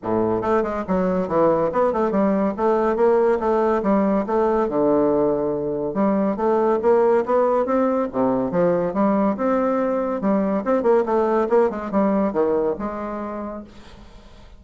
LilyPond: \new Staff \with { instrumentName = "bassoon" } { \time 4/4 \tempo 4 = 141 a,4 a8 gis8 fis4 e4 | b8 a8 g4 a4 ais4 | a4 g4 a4 d4~ | d2 g4 a4 |
ais4 b4 c'4 c4 | f4 g4 c'2 | g4 c'8 ais8 a4 ais8 gis8 | g4 dis4 gis2 | }